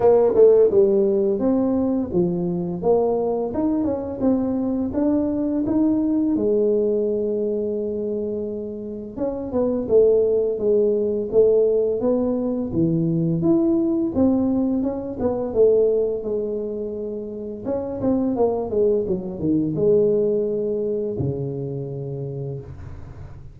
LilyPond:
\new Staff \with { instrumentName = "tuba" } { \time 4/4 \tempo 4 = 85 ais8 a8 g4 c'4 f4 | ais4 dis'8 cis'8 c'4 d'4 | dis'4 gis2.~ | gis4 cis'8 b8 a4 gis4 |
a4 b4 e4 e'4 | c'4 cis'8 b8 a4 gis4~ | gis4 cis'8 c'8 ais8 gis8 fis8 dis8 | gis2 cis2 | }